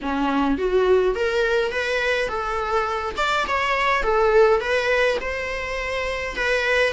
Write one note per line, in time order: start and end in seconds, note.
0.01 0.58 C#4
0.58 1.15 F#4
1.15 1.71 A#4
1.71 2.28 B4
2.28 3.15 A4
3.17 3.45 D5
3.47 4.02 C#5
4.02 4.60 A4
4.60 5.18 B4
5.21 6.35 C5
6.35 6.92 B4